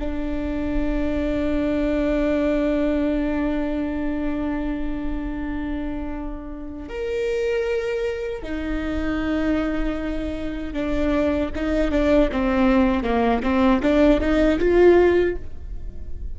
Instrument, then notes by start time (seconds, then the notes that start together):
viola
0.00 D4
6.89 A#4
8.43 D#4
10.74 D4
11.56 D#4
11.92 D4
12.32 C4
13.04 A#3
13.43 C4
13.83 D4
14.21 D#4
14.59 F4